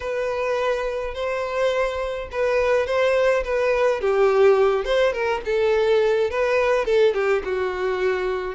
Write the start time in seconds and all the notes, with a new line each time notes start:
0.00 B4
1.14 C5
2.31 B4
2.86 C5
3.44 B4
4.00 G4
4.84 C5
5.12 A#4
5.45 A4
6.30 B4
6.85 A4
7.14 G4
7.44 F#4